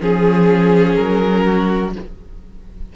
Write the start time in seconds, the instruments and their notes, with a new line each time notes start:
0.00 cello F3, viola C#4, violin G#4
0.95 cello F#3, violin A#4
1.44 violin F#4